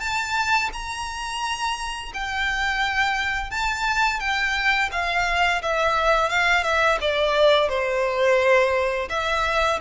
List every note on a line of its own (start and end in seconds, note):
0.00 0.70 A5
0.73 2.12 A#5
2.14 3.51 G5
3.51 4.20 A5
4.20 4.90 G5
4.92 5.62 F5
5.63 6.29 E5
6.29 6.63 F5
6.63 6.98 E5
7.01 7.69 D5
7.69 9.09 C5
9.10 9.80 E5